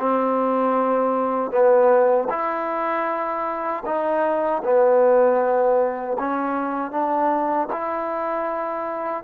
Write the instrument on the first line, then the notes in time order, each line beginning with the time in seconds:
trombone
0.00 C4
1.52 B3
2.30 E4
3.86 D#4
4.64 B3
6.19 C#4
6.92 D4
7.73 E4